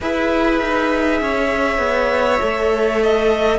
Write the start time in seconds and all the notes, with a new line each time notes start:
0.00 E4 G#4 B4 E5
0.60 D#4
1.21 C#4 C#5
1.78 B3
2.40 A3 A4
3.02 D#5